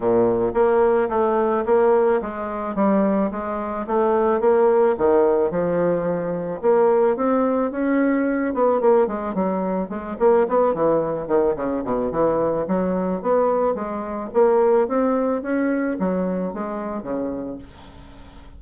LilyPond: \new Staff \with { instrumentName = "bassoon" } { \time 4/4 \tempo 4 = 109 ais,4 ais4 a4 ais4 | gis4 g4 gis4 a4 | ais4 dis4 f2 | ais4 c'4 cis'4. b8 |
ais8 gis8 fis4 gis8 ais8 b8 e8~ | e8 dis8 cis8 b,8 e4 fis4 | b4 gis4 ais4 c'4 | cis'4 fis4 gis4 cis4 | }